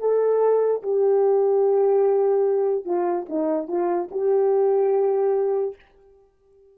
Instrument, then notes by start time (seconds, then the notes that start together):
horn
0.00 A4
0.83 G4
2.85 F4
3.29 D#4
3.68 F4
4.11 G4